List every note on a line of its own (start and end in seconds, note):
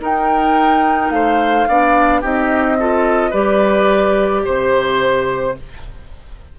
0.00 1.67 D#4
0.00 1.10 D#4
0.00 1.12 A#4
0.00 1.10 G5
1.10 1.66 A3
1.10 1.68 C5
1.10 2.22 F5
1.68 2.23 B3
1.68 2.22 D4
1.68 2.21 D5
2.21 3.33 C4
2.21 2.78 D#4
2.21 2.76 G4
2.21 3.33 D#5
2.79 3.32 F4
2.79 3.30 A4
3.30 4.44 G3
3.30 5.55 G4
3.30 4.41 B4
3.30 4.44 D5
4.44 5.58 C3
4.44 5.56 C5
4.44 5.59 C5